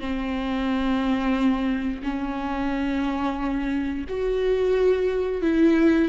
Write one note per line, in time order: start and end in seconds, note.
0.00 2.02 C4
2.03 4.05 C#4
4.09 5.42 F#4
5.42 6.09 E4